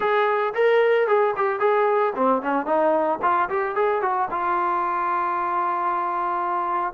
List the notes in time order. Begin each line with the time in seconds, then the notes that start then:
0.00 G#4
0.54 A#4
1.07 G#4
1.36 G4
1.59 G#4
2.15 C4
2.42 C#4
2.65 D#4
3.21 F4
3.49 G4
3.75 G#4
4.01 F#4
4.30 F4